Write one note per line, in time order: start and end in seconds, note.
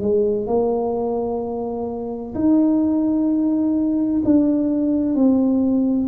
0.00 0.46 G#3
0.46 2.34 A#3
2.34 4.21 D#4
4.24 5.15 D4
5.15 6.08 C4